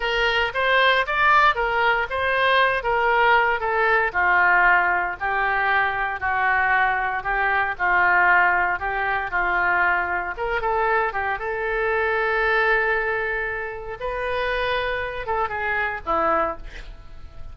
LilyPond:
\new Staff \with { instrumentName = "oboe" } { \time 4/4 \tempo 4 = 116 ais'4 c''4 d''4 ais'4 | c''4. ais'4. a'4 | f'2 g'2 | fis'2 g'4 f'4~ |
f'4 g'4 f'2 | ais'8 a'4 g'8 a'2~ | a'2. b'4~ | b'4. a'8 gis'4 e'4 | }